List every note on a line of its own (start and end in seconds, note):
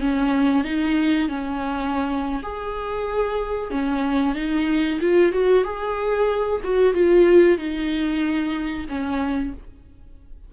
0.00 0.64 C#4
0.64 1.28 D#4
1.28 2.41 C#4
2.42 3.70 G#4
3.70 4.35 C#4
4.35 4.99 D#4
5.00 5.32 F4
5.32 5.64 F#4
5.64 6.61 G#4
6.63 6.94 F#4
6.94 7.58 F4
7.58 8.87 D#4
8.88 9.53 C#4